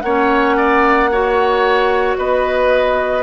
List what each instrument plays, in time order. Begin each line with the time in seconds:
0.00 bassoon A#3, clarinet C#4, oboe C#5, flute F#5
0.56 oboe D5
1.11 clarinet F#4, oboe C#5
2.17 bassoon B3, oboe B4, flute D#5